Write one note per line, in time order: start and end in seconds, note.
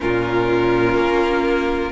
0.00 0.94 A#2
0.00 1.92 C#4
0.00 1.92 F4
0.00 1.92 A#4
0.94 1.91 A#3